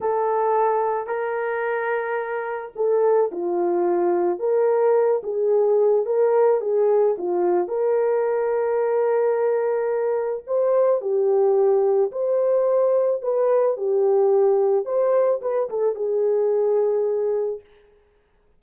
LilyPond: \new Staff \with { instrumentName = "horn" } { \time 4/4 \tempo 4 = 109 a'2 ais'2~ | ais'4 a'4 f'2 | ais'4. gis'4. ais'4 | gis'4 f'4 ais'2~ |
ais'2. c''4 | g'2 c''2 | b'4 g'2 c''4 | b'8 a'8 gis'2. | }